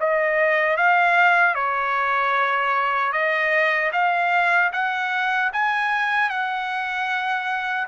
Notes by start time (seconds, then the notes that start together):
0.00 D#5
0.77 F5
1.55 C#5
3.13 D#5
3.93 F5
4.73 F#5
5.53 G#5
6.29 F#5